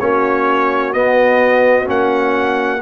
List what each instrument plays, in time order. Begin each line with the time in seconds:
0.00 tuba A#3, trombone C#4, horn F#4, trumpet C#5
0.93 trombone B3, tuba B3, trumpet D#5
1.86 tuba A#3, trombone C#4, trumpet F#5